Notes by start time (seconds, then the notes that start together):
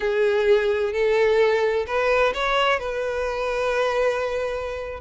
0.00 G#4
0.93 A4
1.86 B4
2.34 C#5
2.79 B4